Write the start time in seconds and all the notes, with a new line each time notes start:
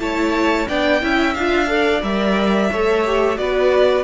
0.00 A3 E4 C#5 A5
0.69 B3 D4 D5 G5
1.02 C#4 E4 E5
1.34 D4 F4 F5
1.68 A4 D5
2.03 G3 A#4 E5
2.71 A3 A4 C#5
3.06 G4
3.36 B3 F#4 B4 D5